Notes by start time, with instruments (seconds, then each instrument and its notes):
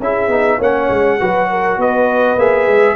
0.00 tuba C#4, trombone E4, horn G#4, trumpet E5
0.28 tuba B3, trombone D#4
0.58 tuba A#3, trombone C#4, horn C#5, trumpet F#5
0.90 tuba G#3
1.20 tuba F#3, trombone F#4, horn B4
1.50 horn A#4
1.77 tuba B3, horn B4, trumpet D#5
2.37 tuba A#3, trombone G#4, trumpet E5
2.67 tuba G#3